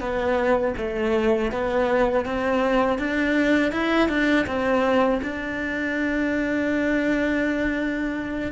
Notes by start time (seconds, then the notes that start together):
0.00 B3
0.77 A3
1.52 B3
2.26 C4
2.99 D4
3.72 E4
4.09 D4
4.47 C4
5.23 D4